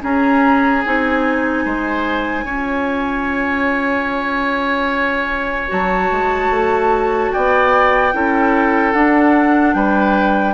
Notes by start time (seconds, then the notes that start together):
0.00 C#4 G#4 A#5
0.84 C4 D#4 G#5
1.64 G#3 C5
2.44 C#4 F4 C#5
5.68 F#3 F#4 A5
6.11 G#3
6.50 A3
7.32 B3 D5 G5
8.12 C#4 E4 A4
8.92 D4 F#5
9.73 G3 B4 G5